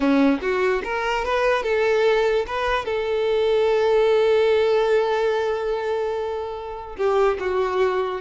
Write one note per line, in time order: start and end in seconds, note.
0.00 0.39 C#4
0.41 0.82 F#4
0.84 1.24 A#4
1.24 1.63 B4
1.63 2.45 A4
2.46 2.85 B4
2.85 6.96 A4
6.97 7.38 G4
7.39 8.21 F#4